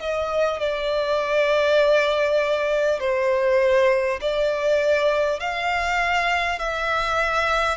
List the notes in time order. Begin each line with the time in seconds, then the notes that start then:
0.00 D#5
0.59 D5
2.99 C5
4.21 D5
5.40 F5
6.59 E5